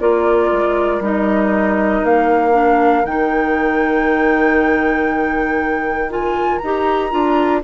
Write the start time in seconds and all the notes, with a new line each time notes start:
0.00 A#3 F4 A#4 D5
0.52 G#3
1.00 G3 D#4 D#5
2.04 A#3 F5
2.52 D4
3.04 D#3 D#4 G5
6.09 F4 G#5
6.58 D#4 A#5
6.65 G4
7.11 D4 F4